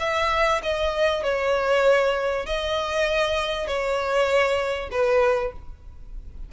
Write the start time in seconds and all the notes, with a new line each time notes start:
0.00 E5
0.63 D#5
1.24 C#5
2.46 D#5
3.68 C#5
4.92 B4